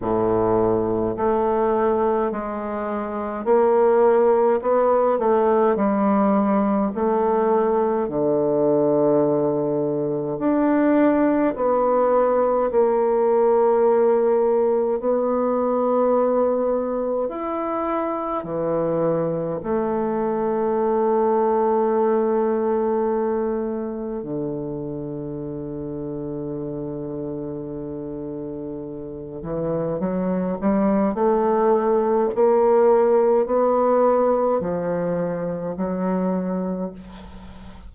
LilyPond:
\new Staff \with { instrumentName = "bassoon" } { \time 4/4 \tempo 4 = 52 a,4 a4 gis4 ais4 | b8 a8 g4 a4 d4~ | d4 d'4 b4 ais4~ | ais4 b2 e'4 |
e4 a2.~ | a4 d2.~ | d4. e8 fis8 g8 a4 | ais4 b4 f4 fis4 | }